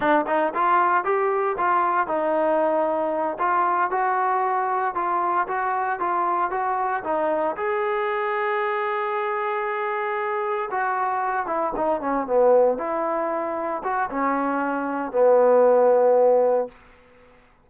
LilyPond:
\new Staff \with { instrumentName = "trombone" } { \time 4/4 \tempo 4 = 115 d'8 dis'8 f'4 g'4 f'4 | dis'2~ dis'8 f'4 fis'8~ | fis'4. f'4 fis'4 f'8~ | f'8 fis'4 dis'4 gis'4.~ |
gis'1~ | gis'8 fis'4. e'8 dis'8 cis'8 b8~ | b8 e'2 fis'8 cis'4~ | cis'4 b2. | }